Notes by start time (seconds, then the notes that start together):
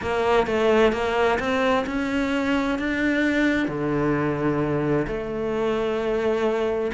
0.01 A#3
0.46 A3
0.92 A#3
1.39 C4
1.86 C#4
2.78 D4
3.68 D3
5.07 A3